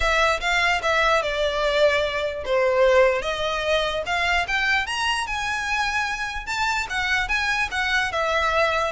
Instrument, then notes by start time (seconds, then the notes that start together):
violin
0.00 E5
0.40 F5
0.82 E5
1.22 D5
2.45 C5
3.22 D#5
4.05 F5
4.47 G5
4.86 A#5
5.26 G#5
6.46 A5
6.89 F#5
7.28 G#5
7.71 F#5
8.12 E5